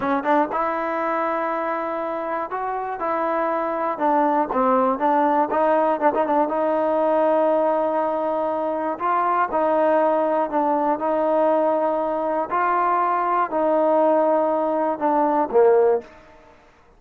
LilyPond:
\new Staff \with { instrumentName = "trombone" } { \time 4/4 \tempo 4 = 120 cis'8 d'8 e'2.~ | e'4 fis'4 e'2 | d'4 c'4 d'4 dis'4 | d'16 dis'16 d'8 dis'2.~ |
dis'2 f'4 dis'4~ | dis'4 d'4 dis'2~ | dis'4 f'2 dis'4~ | dis'2 d'4 ais4 | }